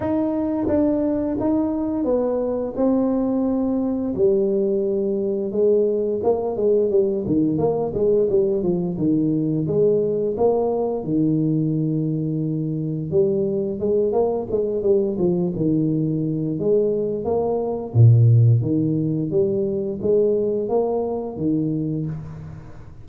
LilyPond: \new Staff \with { instrumentName = "tuba" } { \time 4/4 \tempo 4 = 87 dis'4 d'4 dis'4 b4 | c'2 g2 | gis4 ais8 gis8 g8 dis8 ais8 gis8 | g8 f8 dis4 gis4 ais4 |
dis2. g4 | gis8 ais8 gis8 g8 f8 dis4. | gis4 ais4 ais,4 dis4 | g4 gis4 ais4 dis4 | }